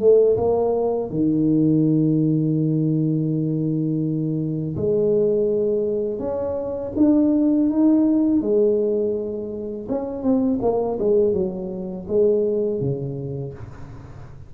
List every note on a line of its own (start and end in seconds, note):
0.00 0.37 A3
0.37 1.10 A#3
1.10 4.76 D#3
4.76 6.19 G#3
6.19 6.92 C#4
6.96 7.70 D4
7.70 8.41 D#4
8.41 9.88 G#3
9.89 10.23 C#4
10.23 10.60 C4
10.62 10.99 A#3
11.00 11.33 G#3
11.33 12.07 F#3
12.08 12.81 G#3
12.81 13.54 C#3